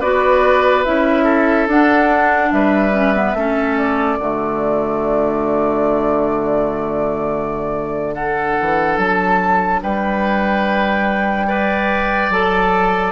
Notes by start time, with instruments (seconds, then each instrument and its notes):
0.00 bassoon B3, clarinet F#4, oboe B4, flute D5
0.85 bassoon C#4, clarinet E4, flute E5
1.24 oboe A4
1.68 bassoon D4, clarinet D4, flute F#5
2.52 bassoon G3, oboe B4, flute E5
2.93 clarinet C#4
3.15 clarinet B3
3.34 bassoon A3, clarinet C#4, oboe A4
3.78 flute D5
4.19 bassoon D3, clarinet A3, oboe F#4
8.14 clarinet D4, oboe A4, flute F#5
8.61 bassoon E3
8.98 bassoon F#3, flute A5
9.83 bassoon G3, oboe B4, flute G5
11.47 clarinet B4, oboe D5
12.30 bassoon F#3, clarinet A4, flute A5